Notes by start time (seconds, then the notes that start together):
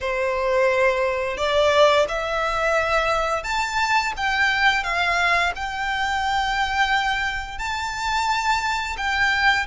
0.00 C5
1.37 D5
2.08 E5
3.43 A5
4.16 G5
4.83 F5
5.55 G5
7.58 A5
8.97 G5